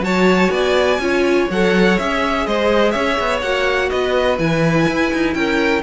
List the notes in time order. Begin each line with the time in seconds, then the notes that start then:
0.00 F#3 F#4 C#5 A5
0.50 B3 D5 G#5
0.98 C#4 F4 C#5
1.49 F#3 A4 F#5
1.98 C#4 G#4 E5
2.47 G#3 C5 D#5
2.91 C#4 C#5 E5
3.19 B3
3.41 A#3 F#4 F#5
3.90 B3 B4 D#5
4.38 E3 E4 G#5
4.88 E4
5.13 D#4
5.34 C#4 A#4 G5